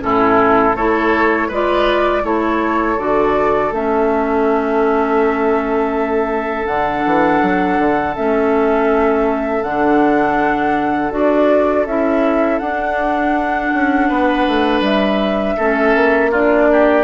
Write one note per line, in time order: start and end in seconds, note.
0.00 0.75 A2
0.00 0.74 C#4
0.00 0.77 E4
0.00 0.76 A4
0.75 1.49 A3
0.75 1.52 E4
0.75 1.48 A4
0.75 1.50 C#5
1.48 2.24 G#3
1.48 2.23 F4
1.48 2.22 B4
1.48 2.25 D5
2.23 2.98 A3
2.23 2.97 E4
2.23 14.08 A4
2.23 2.98 C#5
2.98 3.71 D3
2.98 3.72 F#4
2.98 3.73 D5
3.71 6.67 A3
3.71 6.69 C#4
3.71 6.67 E5
6.67 7.04 D3
6.67 8.16 D4
6.67 8.15 F#5
7.06 7.42 E3
7.42 7.78 F#3
7.78 8.15 D3
8.16 9.63 A3
8.16 9.64 C#4
8.16 9.63 E5
9.63 11.11 D3
9.63 11.11 D4
9.63 11.11 F#5
11.11 11.86 D4
11.11 11.85 F#4
11.11 11.86 D5
11.86 12.60 C#4
11.86 12.62 E4
11.86 12.59 E5
12.59 13.72 D4
12.59 15.58 D4
12.59 14.81 F#5
13.74 14.10 C#4
14.08 14.47 B3
14.08 15.56 B4
14.48 14.81 A3
14.81 15.55 G3
14.81 16.32 E5
15.57 15.95 A3
15.57 16.33 C#4
15.57 16.31 A4
15.95 17.04 A#3
16.31 17.04 D4
16.31 16.68 F4
16.31 17.04 D5
16.72 17.04 G4